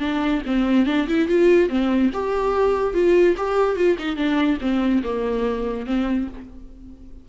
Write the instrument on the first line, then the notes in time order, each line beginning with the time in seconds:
viola
0.00 D4
0.46 C4
0.86 D4
1.08 E4
1.28 F4
1.69 C4
2.13 G4
2.94 F4
3.37 G4
3.76 F4
3.99 D#4
4.16 D4
4.61 C4
5.03 A#3
5.86 C4